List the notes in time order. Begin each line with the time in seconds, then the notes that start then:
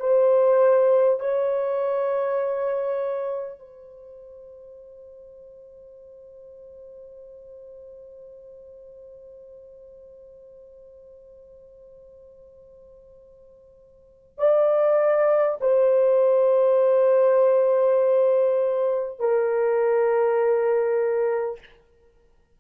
0.00 C5
1.19 C#5
3.59 C5
14.38 D5
15.61 C5
19.19 A#4